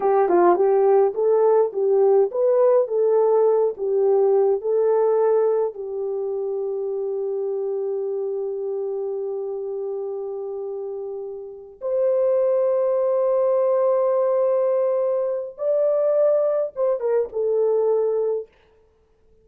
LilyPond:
\new Staff \with { instrumentName = "horn" } { \time 4/4 \tempo 4 = 104 g'8 f'8 g'4 a'4 g'4 | b'4 a'4. g'4. | a'2 g'2~ | g'1~ |
g'1~ | g'8 c''2.~ c''8~ | c''2. d''4~ | d''4 c''8 ais'8 a'2 | }